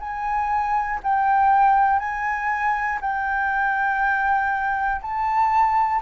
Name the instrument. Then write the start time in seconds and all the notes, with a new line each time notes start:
flute
0.00 G#5
1.03 G5
1.99 G#5
3.01 G5
5.01 A5